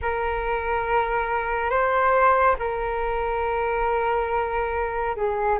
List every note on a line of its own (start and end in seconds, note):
0.01 1.69 A#4
1.69 2.55 C5
2.58 5.15 A#4
5.16 5.59 G#4